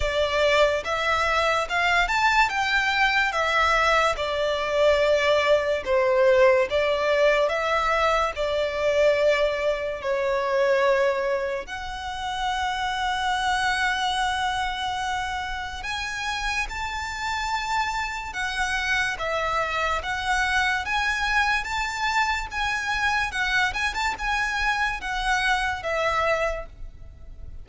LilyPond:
\new Staff \with { instrumentName = "violin" } { \time 4/4 \tempo 4 = 72 d''4 e''4 f''8 a''8 g''4 | e''4 d''2 c''4 | d''4 e''4 d''2 | cis''2 fis''2~ |
fis''2. gis''4 | a''2 fis''4 e''4 | fis''4 gis''4 a''4 gis''4 | fis''8 gis''16 a''16 gis''4 fis''4 e''4 | }